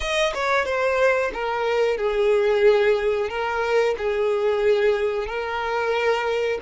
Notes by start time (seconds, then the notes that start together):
0.00 D#5
0.34 C#5
0.65 C5
1.33 A#4
1.97 G#4
3.29 A#4
3.97 G#4
5.26 A#4